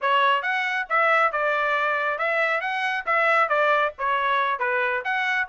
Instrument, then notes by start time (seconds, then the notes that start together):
trumpet
0.01 C#5
0.42 F#5
0.89 E5
1.31 D5
2.18 E5
2.60 F#5
3.06 E5
3.48 D5
3.98 C#5
4.59 B4
5.04 F#5